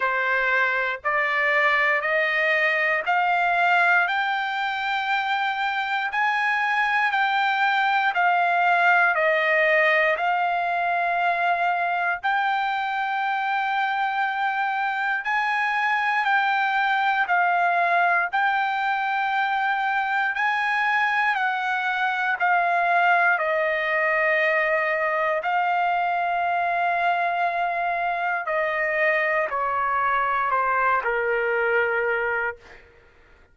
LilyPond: \new Staff \with { instrumentName = "trumpet" } { \time 4/4 \tempo 4 = 59 c''4 d''4 dis''4 f''4 | g''2 gis''4 g''4 | f''4 dis''4 f''2 | g''2. gis''4 |
g''4 f''4 g''2 | gis''4 fis''4 f''4 dis''4~ | dis''4 f''2. | dis''4 cis''4 c''8 ais'4. | }